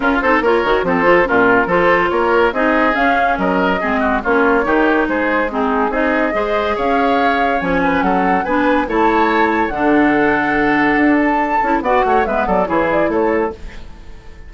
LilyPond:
<<
  \new Staff \with { instrumentName = "flute" } { \time 4/4 \tempo 4 = 142 ais'8 c''8 cis''4 c''4 ais'4 | c''4 cis''4 dis''4 f''4 | dis''2 cis''2 | c''4 gis'4 dis''2 |
f''2 gis''4 fis''4 | gis''4 a''2 fis''4~ | fis''2~ fis''8 a''4. | fis''4 e''8 d''8 cis''8 d''8 cis''4 | }
  \new Staff \with { instrumentName = "oboe" } { \time 4/4 f'8 a'8 ais'4 a'4 f'4 | a'4 ais'4 gis'2 | ais'4 gis'8 fis'8 f'4 g'4 | gis'4 dis'4 gis'4 c''4 |
cis''2~ cis''8 b'8 a'4 | b'4 cis''2 a'4~ | a'1 | d''8 cis''8 b'8 a'8 gis'4 a'4 | }
  \new Staff \with { instrumentName = "clarinet" } { \time 4/4 cis'8 dis'8 f'8 fis'8 c'8 f'8 cis'4 | f'2 dis'4 cis'4~ | cis'4 c'4 cis'4 dis'4~ | dis'4 c'4 dis'4 gis'4~ |
gis'2 cis'2 | d'4 e'2 d'4~ | d'2.~ d'8 e'8 | fis'4 b4 e'2 | }
  \new Staff \with { instrumentName = "bassoon" } { \time 4/4 cis'8 c'8 ais8 dis8 f4 ais,4 | f4 ais4 c'4 cis'4 | fis4 gis4 ais4 dis4 | gis2 c'4 gis4 |
cis'2 f4 fis4 | b4 a2 d4~ | d2 d'4. cis'8 | b8 a8 gis8 fis8 e4 a4 | }
>>